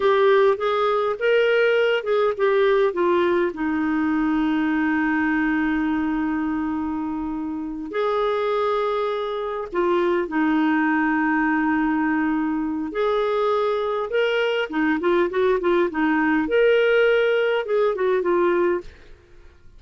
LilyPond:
\new Staff \with { instrumentName = "clarinet" } { \time 4/4 \tempo 4 = 102 g'4 gis'4 ais'4. gis'8 | g'4 f'4 dis'2~ | dis'1~ | dis'4. gis'2~ gis'8~ |
gis'8 f'4 dis'2~ dis'8~ | dis'2 gis'2 | ais'4 dis'8 f'8 fis'8 f'8 dis'4 | ais'2 gis'8 fis'8 f'4 | }